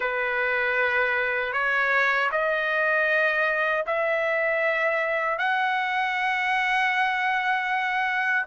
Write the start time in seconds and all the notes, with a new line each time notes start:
0.00 B4
1.52 C#5
2.31 D#5
3.86 E5
5.38 F#5